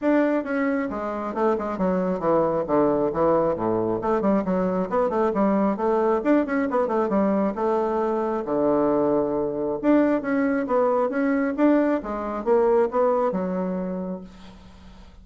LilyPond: \new Staff \with { instrumentName = "bassoon" } { \time 4/4 \tempo 4 = 135 d'4 cis'4 gis4 a8 gis8 | fis4 e4 d4 e4 | a,4 a8 g8 fis4 b8 a8 | g4 a4 d'8 cis'8 b8 a8 |
g4 a2 d4~ | d2 d'4 cis'4 | b4 cis'4 d'4 gis4 | ais4 b4 fis2 | }